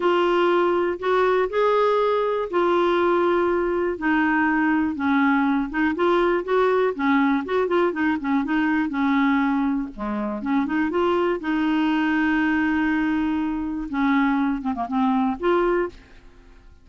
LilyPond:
\new Staff \with { instrumentName = "clarinet" } { \time 4/4 \tempo 4 = 121 f'2 fis'4 gis'4~ | gis'4 f'2. | dis'2 cis'4. dis'8 | f'4 fis'4 cis'4 fis'8 f'8 |
dis'8 cis'8 dis'4 cis'2 | gis4 cis'8 dis'8 f'4 dis'4~ | dis'1 | cis'4. c'16 ais16 c'4 f'4 | }